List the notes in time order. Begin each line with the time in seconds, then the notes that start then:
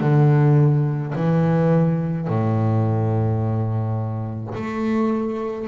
0.00 D3
1.15 E3
2.27 A2
4.54 A3